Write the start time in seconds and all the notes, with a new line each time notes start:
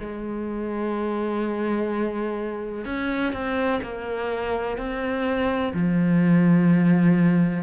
0.00 G#3
2.85 C#4
3.33 C4
3.83 A#3
4.77 C4
5.74 F3